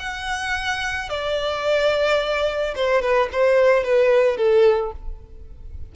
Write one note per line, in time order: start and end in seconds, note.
0.00 1.10 F#5
1.10 2.75 D5
2.76 3.02 C5
3.02 3.30 B4
3.33 3.84 C5
3.84 4.38 B4
4.38 4.93 A4